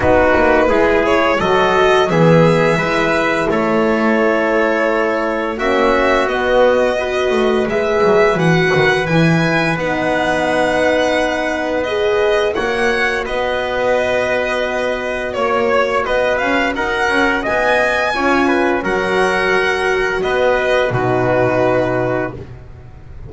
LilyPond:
<<
  \new Staff \with { instrumentName = "violin" } { \time 4/4 \tempo 4 = 86 b'4. cis''8 dis''4 e''4~ | e''4 cis''2. | e''4 dis''2 e''4 | fis''4 gis''4 fis''2~ |
fis''4 dis''4 fis''4 dis''4~ | dis''2 cis''4 dis''8 f''8 | fis''4 gis''2 fis''4~ | fis''4 dis''4 b'2 | }
  \new Staff \with { instrumentName = "trumpet" } { \time 4/4 fis'4 gis'4 a'4 gis'4 | b'4 a'2. | fis'2 b'2~ | b'1~ |
b'2 cis''4 b'4~ | b'2 cis''4 b'4 | ais'4 dis''4 cis''8 b'8 ais'4~ | ais'4 b'4 fis'2 | }
  \new Staff \with { instrumentName = "horn" } { \time 4/4 dis'4 e'4 fis'4 b4 | e'1 | cis'4 b4 fis'4 gis'4 | fis'4 e'4 dis'2~ |
dis'4 gis'4 fis'2~ | fis'1~ | fis'2 f'4 fis'4~ | fis'2 dis'2 | }
  \new Staff \with { instrumentName = "double bass" } { \time 4/4 b8 ais8 gis4 fis4 e4 | gis4 a2. | ais4 b4. a8 gis8 fis8 | e8 dis8 e4 b2~ |
b2 ais4 b4~ | b2 ais4 b8 cis'8 | dis'8 cis'8 b4 cis'4 fis4~ | fis4 b4 b,2 | }
>>